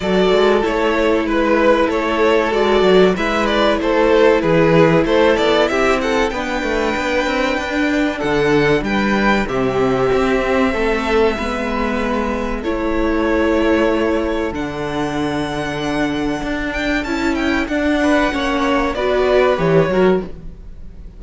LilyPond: <<
  \new Staff \with { instrumentName = "violin" } { \time 4/4 \tempo 4 = 95 d''4 cis''4 b'4 cis''4 | d''4 e''8 d''8 c''4 b'4 | c''8 d''8 e''8 fis''8 g''2~ | g''4 fis''4 g''4 e''4~ |
e''1 | cis''2. fis''4~ | fis''2~ fis''8 g''8 a''8 g''8 | fis''2 d''4 cis''4 | }
  \new Staff \with { instrumentName = "violin" } { \time 4/4 a'2 b'4 a'4~ | a'4 b'4 a'4 gis'4 | a'4 g'8 a'8 b'2~ | b'4 a'4 b'4 g'4~ |
g'4 a'4 b'2 | a'1~ | a'1~ | a'8 b'8 cis''4 b'4. ais'8 | }
  \new Staff \with { instrumentName = "viola" } { \time 4/4 fis'4 e'2. | fis'4 e'2.~ | e'2 d'2~ | d'2. c'4~ |
c'2 b2 | e'2. d'4~ | d'2. e'4 | d'4 cis'4 fis'4 g'8 fis'8 | }
  \new Staff \with { instrumentName = "cello" } { \time 4/4 fis8 gis8 a4 gis4 a4 | gis8 fis8 gis4 a4 e4 | a8 b8 c'4 b8 a8 b8 c'8 | d'4 d4 g4 c4 |
c'4 a4 gis2 | a2. d4~ | d2 d'4 cis'4 | d'4 ais4 b4 e8 fis8 | }
>>